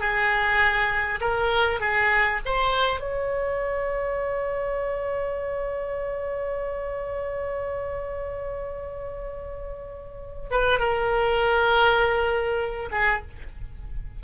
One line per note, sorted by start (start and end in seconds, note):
0.00 1.20 G#4
1.21 1.80 A#4
1.80 2.40 G#4
2.45 3.00 C5
3.00 10.50 C#5
10.51 10.80 B4
10.80 12.90 A#4
12.92 13.22 G#4